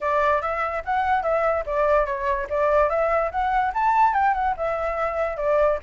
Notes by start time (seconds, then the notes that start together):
0.00 D5
0.41 E5
0.84 F#5
1.22 E5
1.66 D5
2.06 C#5
2.49 D5
2.89 E5
3.31 F#5
3.74 A5
4.13 G5
4.34 F#5
4.56 E5
5.37 D5